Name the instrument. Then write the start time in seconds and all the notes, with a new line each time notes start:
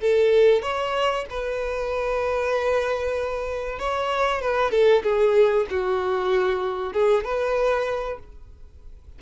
violin
0.00 A4
0.62 C#5
1.29 B4
3.79 C#5
4.41 B4
4.71 A4
5.03 G#4
5.70 F#4
6.93 G#4
7.24 B4